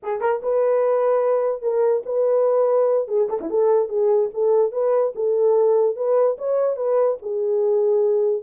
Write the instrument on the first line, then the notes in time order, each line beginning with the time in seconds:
horn
0.02 G#4
0.21 A#4
0.42 B4
1.62 A#4
2.05 B4
3.08 G#4
3.29 A4
3.40 E4
3.50 A4
3.89 G#4
4.33 A4
4.72 B4
5.15 A4
5.96 B4
6.37 C#5
6.76 B4
7.22 G#4